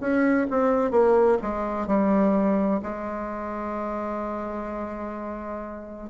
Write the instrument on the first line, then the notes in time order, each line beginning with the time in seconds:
bassoon
0.00 C#4
0.50 C4
0.91 A#3
1.42 G#3
1.87 G3
2.83 G#3